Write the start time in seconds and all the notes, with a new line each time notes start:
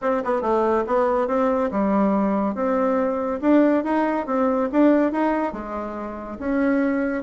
0.01 C4
0.24 B3
0.41 A3
0.86 B3
1.27 C4
1.71 G3
2.54 C4
3.41 D4
3.84 D#4
4.26 C4
4.72 D4
5.12 D#4
5.52 G#3
6.38 C#4